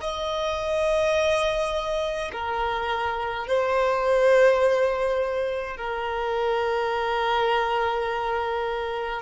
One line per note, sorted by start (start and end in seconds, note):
0.00 2.31 D#5
2.32 3.47 A#4
3.47 5.77 C5
5.77 9.22 A#4